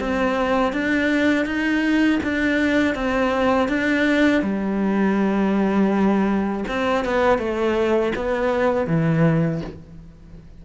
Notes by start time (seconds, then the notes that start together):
0.00 C4
0.73 D4
1.45 D#4
2.23 D4
2.95 C4
3.68 D4
4.42 G3
6.68 C4
7.05 B3
7.38 A3
8.15 B3
8.87 E3